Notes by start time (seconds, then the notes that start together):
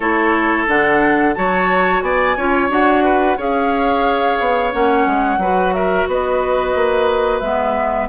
0.00 A3 E4 A4 C#5
0.68 D3 D4 F#5
1.34 F#3 F#4 C#5 A5
2.02 B3 D5 G#5
2.36 C#4 F4 C#5
2.69 D4 F#4 F#5
3.04 B4
3.37 C#4 G#4 C#5 F5
4.39 B3
4.72 A#3 C#4 F#5
5.06 G#3
5.37 F#3 F#4 B4
5.73 A#4 E5
6.07 B3 B4 D#5
6.74 A#3
7.39 G#3 B3 E5